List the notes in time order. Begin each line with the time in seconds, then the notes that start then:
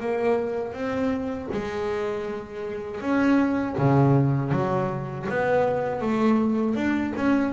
0.00 A#3
0.73 C4
1.52 G#3
3.01 C#4
3.78 C#3
4.52 F#3
5.29 B3
6.01 A3
6.76 D4
7.17 C#4